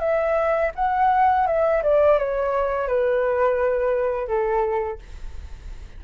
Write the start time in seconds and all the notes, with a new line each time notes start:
0.00 E5
0.76 F#5
1.47 E5
1.83 D5
2.19 C#5
2.88 B4
4.28 A4